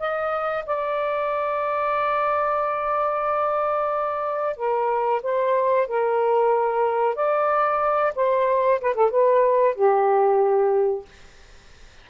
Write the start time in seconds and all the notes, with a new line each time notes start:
0.00 D#5
0.66 D5
4.57 A#4
5.23 C5
5.88 A#4
7.16 D5
8.16 C5
8.81 B4
8.95 A4
9.11 B4
9.75 G4